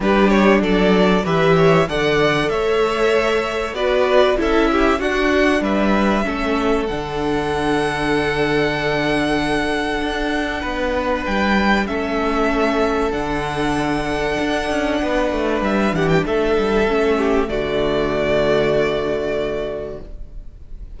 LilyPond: <<
  \new Staff \with { instrumentName = "violin" } { \time 4/4 \tempo 4 = 96 b'8 cis''8 d''4 e''4 fis''4 | e''2 d''4 e''4 | fis''4 e''2 fis''4~ | fis''1~ |
fis''2 g''4 e''4~ | e''4 fis''2.~ | fis''4 e''8 fis''16 g''16 e''2 | d''1 | }
  \new Staff \with { instrumentName = "violin" } { \time 4/4 g'4 a'4 b'8 cis''8 d''4 | cis''2 b'4 a'8 g'8 | fis'4 b'4 a'2~ | a'1~ |
a'4 b'2 a'4~ | a'1 | b'4. g'8 a'4. g'8 | fis'1 | }
  \new Staff \with { instrumentName = "viola" } { \time 4/4 d'2 g'4 a'4~ | a'2 fis'4 e'4 | d'2 cis'4 d'4~ | d'1~ |
d'2. cis'4~ | cis'4 d'2.~ | d'2. cis'4 | a1 | }
  \new Staff \with { instrumentName = "cello" } { \time 4/4 g4 fis4 e4 d4 | a2 b4 cis'4 | d'4 g4 a4 d4~ | d1 |
d'4 b4 g4 a4~ | a4 d2 d'8 cis'8 | b8 a8 g8 e8 a8 g8 a4 | d1 | }
>>